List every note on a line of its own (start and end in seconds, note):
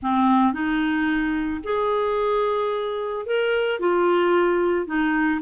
0.02 0.53 C4
0.53 1.61 D#4
1.63 3.26 G#4
3.26 3.79 A#4
3.79 4.86 F4
4.86 5.40 D#4